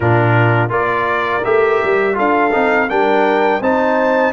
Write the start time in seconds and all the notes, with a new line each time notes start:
0.00 A#2 D4 F4 A#4
0.69 A#3 F4 A#4 D5
1.44 A3 G4 E5
1.83 G3
2.13 D4 F4 A4 F5
2.52 C4 D#4
2.89 G3 D4 A#4 G5
3.60 C4 D#4 C5 A5